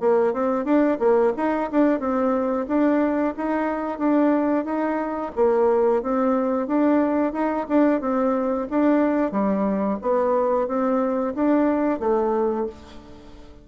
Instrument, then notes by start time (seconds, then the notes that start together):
bassoon
0.00 A#3
0.33 C4
0.65 D4
0.99 A#3
1.37 D#4
1.71 D4
2.00 C4
2.68 D4
3.37 D#4
3.99 D4
4.65 D#4
5.36 A#3
6.02 C4
6.67 D4
7.33 D#4
7.68 D4
8.01 C4
8.70 D4
9.32 G3
10.02 B3
10.68 C4
11.35 D4
12.00 A3